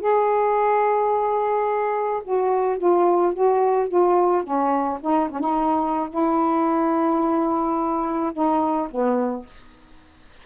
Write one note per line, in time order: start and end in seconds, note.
0.00 2.22 G#4
2.24 2.78 F#4
2.78 3.33 F4
3.34 3.88 F#4
3.88 4.43 F4
4.43 4.99 C#4
5.01 5.29 D#4
5.30 5.40 C#4
5.40 6.09 D#4
6.10 8.32 E4
8.33 8.88 D#4
8.90 9.46 B3